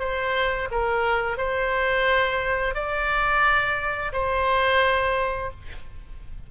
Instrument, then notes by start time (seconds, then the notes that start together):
oboe
0.00 C5
0.71 A#4
1.38 C5
2.75 D5
4.13 C5